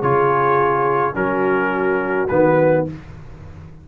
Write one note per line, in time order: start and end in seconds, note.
0.00 1.15 C#3
0.00 1.14 F4
0.00 1.14 G#4
0.00 1.15 C#5
1.14 2.30 F#3
1.14 2.28 C#4
1.14 2.87 F#4
1.14 2.27 A#4
2.27 2.88 D#3
2.27 2.87 B3
2.27 2.85 B4